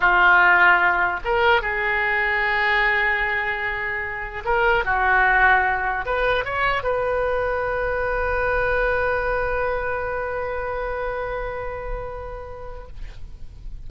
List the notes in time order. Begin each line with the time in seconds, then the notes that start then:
0.00 F4
1.24 A#4
1.61 G#4
4.44 A#4
4.84 F#4
6.05 B4
6.44 C#5
6.83 B4